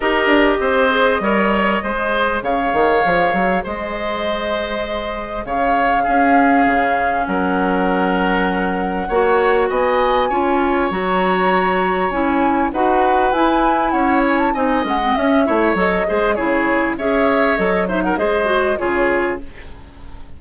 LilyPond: <<
  \new Staff \with { instrumentName = "flute" } { \time 4/4 \tempo 4 = 99 dis''1 | f''2 dis''2~ | dis''4 f''2. | fis''1 |
gis''2 ais''2 | gis''4 fis''4 gis''4 fis''8 gis''16 a''16 | gis''8 fis''8 e''4 dis''4 cis''4 | e''4 dis''8 e''16 fis''16 dis''4 cis''4 | }
  \new Staff \with { instrumentName = "oboe" } { \time 4/4 ais'4 c''4 cis''4 c''4 | cis''2 c''2~ | c''4 cis''4 gis'2 | ais'2. cis''4 |
dis''4 cis''2.~ | cis''4 b'2 cis''4 | dis''4. cis''4 c''8 gis'4 | cis''4. c''16 ais'16 c''4 gis'4 | }
  \new Staff \with { instrumentName = "clarinet" } { \time 4/4 g'4. gis'8 ais'4 gis'4~ | gis'1~ | gis'2 cis'2~ | cis'2. fis'4~ |
fis'4 f'4 fis'2 | e'4 fis'4 e'2 | dis'8 cis'16 c'16 cis'8 e'8 a'8 gis'8 e'4 | gis'4 a'8 dis'8 gis'8 fis'8 f'4 | }
  \new Staff \with { instrumentName = "bassoon" } { \time 4/4 dis'8 d'8 c'4 g4 gis4 | cis8 dis8 f8 fis8 gis2~ | gis4 cis4 cis'4 cis4 | fis2. ais4 |
b4 cis'4 fis2 | cis'4 dis'4 e'4 cis'4 | c'8 gis8 cis'8 a8 fis8 gis8 cis4 | cis'4 fis4 gis4 cis4 | }
>>